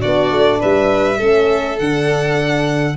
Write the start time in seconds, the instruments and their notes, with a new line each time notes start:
0.00 tuba B3, horn D4, violin F#4 D5
0.32 tuba A3
0.60 tuba G3, violin B4 E5
1.18 tuba A3, horn C#4, violin A4
1.79 tuba D3, horn D4, violin F#5